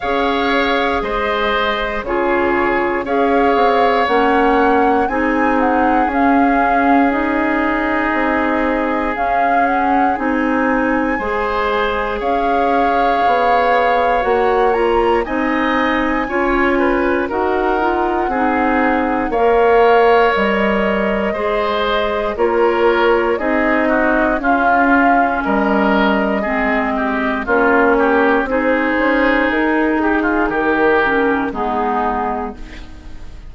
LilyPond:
<<
  \new Staff \with { instrumentName = "flute" } { \time 4/4 \tempo 4 = 59 f''4 dis''4 cis''4 f''4 | fis''4 gis''8 fis''8 f''4 dis''4~ | dis''4 f''8 fis''8 gis''2 | f''2 fis''8 ais''8 gis''4~ |
gis''4 fis''2 f''4 | dis''2 cis''4 dis''4 | f''4 dis''2 cis''4 | c''4 ais'8 gis'8 ais'4 gis'4 | }
  \new Staff \with { instrumentName = "oboe" } { \time 4/4 cis''4 c''4 gis'4 cis''4~ | cis''4 gis'2.~ | gis'2. c''4 | cis''2. dis''4 |
cis''8 b'8 ais'4 gis'4 cis''4~ | cis''4 c''4 ais'4 gis'8 fis'8 | f'4 ais'4 gis'8 g'8 f'8 g'8 | gis'4. g'16 f'16 g'4 dis'4 | }
  \new Staff \with { instrumentName = "clarinet" } { \time 4/4 gis'2 f'4 gis'4 | cis'4 dis'4 cis'4 dis'4~ | dis'4 cis'4 dis'4 gis'4~ | gis'2 fis'8 f'8 dis'4 |
f'4 fis'8 f'8 dis'4 ais'4~ | ais'4 gis'4 f'4 dis'4 | cis'2 c'4 cis'4 | dis'2~ dis'8 cis'8 b4 | }
  \new Staff \with { instrumentName = "bassoon" } { \time 4/4 cis'4 gis4 cis4 cis'8 c'8 | ais4 c'4 cis'2 | c'4 cis'4 c'4 gis4 | cis'4 b4 ais4 c'4 |
cis'4 dis'4 c'4 ais4 | g4 gis4 ais4 c'4 | cis'4 g4 gis4 ais4 | c'8 cis'8 dis'4 dis4 gis4 | }
>>